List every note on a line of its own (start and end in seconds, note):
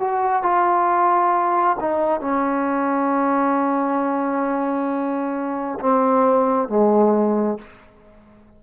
0.00 0.43 F#4
0.43 1.77 F4
1.81 2.21 D#4
2.21 5.79 C#4
5.80 6.69 C4
6.69 7.59 G#3